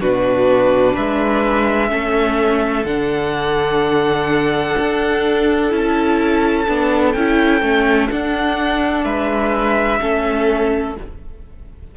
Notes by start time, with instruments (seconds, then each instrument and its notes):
0.00 cello B2, viola D4, violin F#4 B4
0.93 cello G#3, violin B4 E5
1.89 cello A3, viola C#4, violin A4
2.84 cello D3, viola D4, violin F#5
4.78 cello D4
5.70 cello C#4, viola E4, violin A5
6.67 cello B3, viola D4
7.12 cello C#4, viola E4, violin G5
7.61 cello A3, viola C#4
8.10 viola D4, cello D4, violin F#5
9.04 cello G#3, violin B4 E5
10.00 cello A3, viola C#4, violin A4